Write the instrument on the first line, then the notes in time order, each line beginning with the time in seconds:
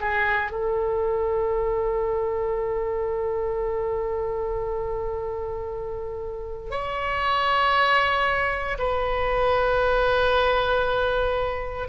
oboe
0.00 G#4
0.52 A4
6.71 C#5
8.79 B4